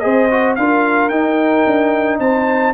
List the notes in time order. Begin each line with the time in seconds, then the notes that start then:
0.00 C4 G#4 C5 D#5
0.31 F#4
0.56 D4 F4 A#4 F5
1.10 D#4 G5
1.67 D4
2.20 C4 C5 A5